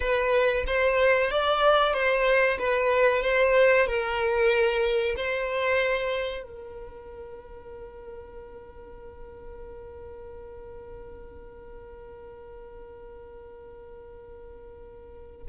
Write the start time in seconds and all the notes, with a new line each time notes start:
0.00 B4
0.67 C5
1.30 D5
1.93 C5
2.58 B4
3.22 C5
3.86 A#4
5.16 C5
6.43 A#4